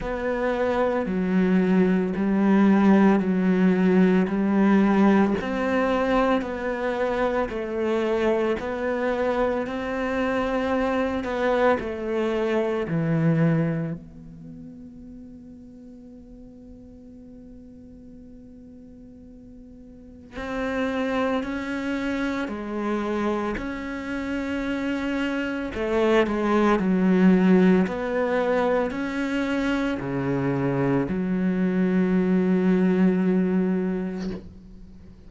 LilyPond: \new Staff \with { instrumentName = "cello" } { \time 4/4 \tempo 4 = 56 b4 fis4 g4 fis4 | g4 c'4 b4 a4 | b4 c'4. b8 a4 | e4 b2.~ |
b2. c'4 | cis'4 gis4 cis'2 | a8 gis8 fis4 b4 cis'4 | cis4 fis2. | }